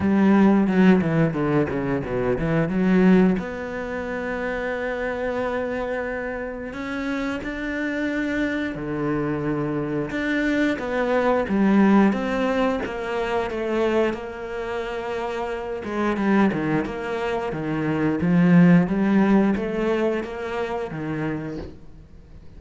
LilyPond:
\new Staff \with { instrumentName = "cello" } { \time 4/4 \tempo 4 = 89 g4 fis8 e8 d8 cis8 b,8 e8 | fis4 b2.~ | b2 cis'4 d'4~ | d'4 d2 d'4 |
b4 g4 c'4 ais4 | a4 ais2~ ais8 gis8 | g8 dis8 ais4 dis4 f4 | g4 a4 ais4 dis4 | }